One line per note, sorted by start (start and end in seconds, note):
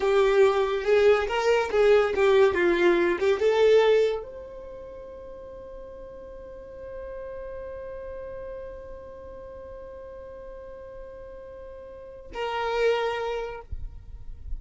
0.00 0.84 G4
0.84 1.27 G#4
1.27 1.70 A#4
1.71 2.14 G#4
2.15 2.54 G4
2.54 3.18 F4
3.19 3.39 G4
3.39 4.22 A4
4.22 12.31 C5
12.33 13.61 A#4